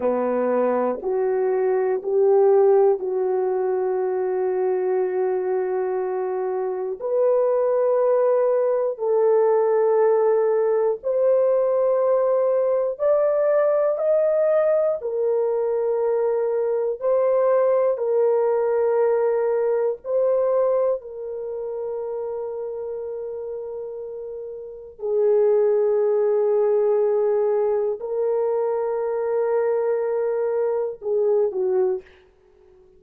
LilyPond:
\new Staff \with { instrumentName = "horn" } { \time 4/4 \tempo 4 = 60 b4 fis'4 g'4 fis'4~ | fis'2. b'4~ | b'4 a'2 c''4~ | c''4 d''4 dis''4 ais'4~ |
ais'4 c''4 ais'2 | c''4 ais'2.~ | ais'4 gis'2. | ais'2. gis'8 fis'8 | }